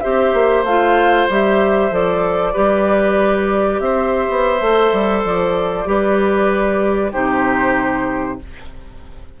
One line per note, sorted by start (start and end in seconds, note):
0.00 0.33 C4
0.00 0.65 G4
0.00 2.53 C5
0.00 0.63 E5
0.33 0.63 A#3
0.63 1.27 A3
0.63 1.30 F4
0.63 1.28 F5
1.29 1.91 G3
1.29 1.91 G4
1.29 1.94 E5
1.91 2.54 F3
1.91 2.53 A4
1.91 3.80 D5
2.53 3.80 G3
2.53 4.59 G4
2.53 3.79 B4
3.80 4.27 C4
3.80 5.89 C5
3.80 5.22 E5
4.29 4.60 B3
4.60 4.92 A3
4.60 5.85 A4
4.92 5.24 G3
5.24 5.86 F3
5.24 7.12 D5
5.85 7.12 G3
5.85 7.11 G4
5.85 7.11 B4
7.11 8.40 C3
7.11 8.38 D#4
7.11 8.38 G4
7.11 8.39 C5